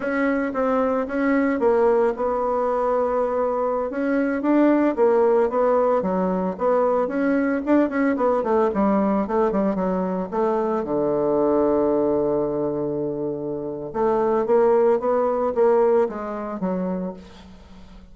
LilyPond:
\new Staff \with { instrumentName = "bassoon" } { \time 4/4 \tempo 4 = 112 cis'4 c'4 cis'4 ais4 | b2.~ b16 cis'8.~ | cis'16 d'4 ais4 b4 fis8.~ | fis16 b4 cis'4 d'8 cis'8 b8 a16~ |
a16 g4 a8 g8 fis4 a8.~ | a16 d2.~ d8.~ | d2 a4 ais4 | b4 ais4 gis4 fis4 | }